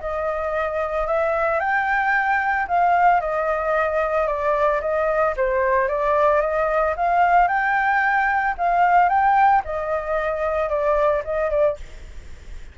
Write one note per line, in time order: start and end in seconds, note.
0.00 1.07 D#5
1.07 1.59 E5
1.59 2.66 G5
2.67 3.20 F5
3.20 4.27 D#5
4.27 4.80 D5
4.81 5.34 D#5
5.36 5.88 C5
5.88 6.41 D5
6.41 6.94 D#5
6.96 7.47 F5
7.47 8.55 G5
8.58 9.09 F5
9.09 9.62 G5
9.65 10.69 D#5
10.69 11.22 D5
11.24 11.50 D#5
11.50 11.77 D5